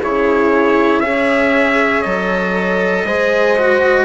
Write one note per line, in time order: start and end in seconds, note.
0.00 1.01 C#3
0.00 1.03 E4
0.00 1.00 G#4
0.00 1.00 C#5
1.00 2.03 C#4
1.00 2.05 G#4
1.00 3.04 C#5
1.00 2.01 E5
2.01 3.05 F#3
2.01 3.07 A4
2.01 4.05 D#5
3.05 4.05 G#3
3.05 3.58 G#4
3.05 4.05 C5
3.58 4.05 F#4